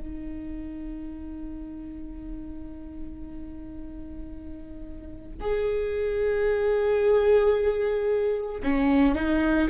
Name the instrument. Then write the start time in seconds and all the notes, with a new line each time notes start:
viola
0.00 D#4
5.41 G#4
8.64 C#4
9.16 D#4